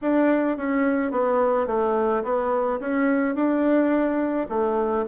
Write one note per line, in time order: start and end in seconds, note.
0.01 0.57 D4
0.57 1.11 C#4
1.11 1.67 B3
1.67 2.23 A3
2.23 2.79 B3
2.80 3.35 C#4
3.35 4.47 D4
4.49 5.05 A3